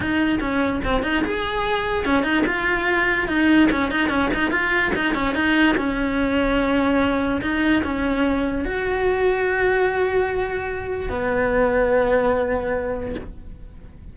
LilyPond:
\new Staff \with { instrumentName = "cello" } { \time 4/4 \tempo 4 = 146 dis'4 cis'4 c'8 dis'8 gis'4~ | gis'4 cis'8 dis'8 f'2 | dis'4 cis'8 dis'8 cis'8 dis'8 f'4 | dis'8 cis'8 dis'4 cis'2~ |
cis'2 dis'4 cis'4~ | cis'4 fis'2.~ | fis'2. b4~ | b1 | }